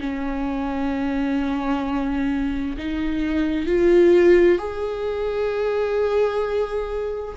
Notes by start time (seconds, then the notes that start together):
0.00 C#4
2.78 D#4
3.66 F4
4.58 G#4